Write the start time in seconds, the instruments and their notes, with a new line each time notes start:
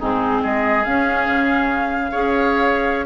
0.00 bassoon G#2, clarinet C4, oboe D#4, flute G#4
0.43 bassoon G#3, oboe G#4, flute D#5
0.85 bassoon C#4, clarinet C#4, flute F5
1.28 bassoon C#3
2.12 bassoon C#4, clarinet G#4, oboe C#5